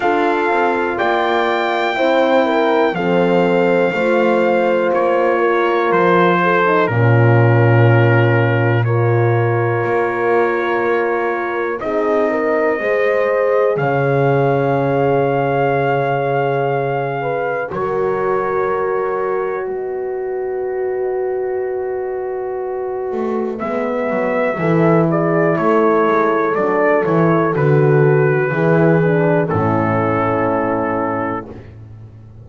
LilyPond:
<<
  \new Staff \with { instrumentName = "trumpet" } { \time 4/4 \tempo 4 = 61 f''4 g''2 f''4~ | f''4 cis''4 c''4 ais'4~ | ais'4 cis''2. | dis''2 f''2~ |
f''2 cis''2 | dis''1 | e''4. d''8 cis''4 d''8 cis''8 | b'2 a'2 | }
  \new Staff \with { instrumentName = "horn" } { \time 4/4 a'4 d''4 c''8 ais'8 a'4 | c''4. ais'4 a'8 f'4~ | f'4 ais'2. | gis'8 ais'8 c''4 cis''2~ |
cis''4. b'8 ais'2 | b'1~ | b'4 a'8 gis'8 a'2~ | a'4 gis'4 e'2 | }
  \new Staff \with { instrumentName = "horn" } { \time 4/4 f'2 e'4 c'4 | f'2~ f'8. dis'16 cis'4~ | cis'4 f'2. | dis'4 gis'2.~ |
gis'2 fis'2~ | fis'1 | b4 e'2 d'8 e'8 | fis'4 e'8 d'8 cis'2 | }
  \new Staff \with { instrumentName = "double bass" } { \time 4/4 d'8 c'8 ais4 c'4 f4 | a4 ais4 f4 ais,4~ | ais,2 ais2 | c'4 gis4 cis2~ |
cis2 fis2 | b2.~ b8 a8 | gis8 fis8 e4 a8 gis8 fis8 e8 | d4 e4 a,2 | }
>>